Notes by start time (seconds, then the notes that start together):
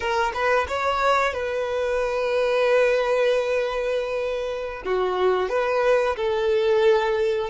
0.00 A#4
0.33 B4
0.68 C#5
1.33 B4
4.85 F#4
5.49 B4
6.16 A4